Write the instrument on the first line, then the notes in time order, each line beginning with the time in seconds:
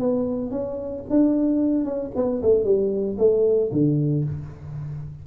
tuba
0.00 B3
0.51 C#4
1.10 D4
1.85 C#4
2.16 B3
2.42 A3
2.65 G3
3.18 A3
3.72 D3